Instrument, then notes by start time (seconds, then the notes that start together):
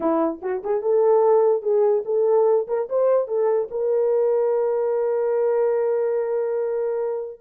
horn
0.00 E4
0.42 F#4
0.63 G#4
0.81 A4
1.62 G#4
2.05 A4
2.67 A#4
2.89 C5
3.27 A4
3.70 A#4